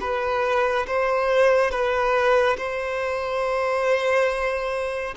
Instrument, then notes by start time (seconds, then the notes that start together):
violin
0.00 B4
0.86 C5
1.71 B4
2.57 C5